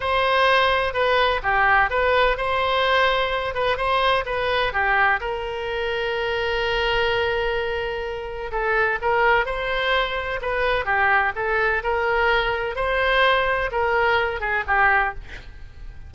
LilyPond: \new Staff \with { instrumentName = "oboe" } { \time 4/4 \tempo 4 = 127 c''2 b'4 g'4 | b'4 c''2~ c''8 b'8 | c''4 b'4 g'4 ais'4~ | ais'1~ |
ais'2 a'4 ais'4 | c''2 b'4 g'4 | a'4 ais'2 c''4~ | c''4 ais'4. gis'8 g'4 | }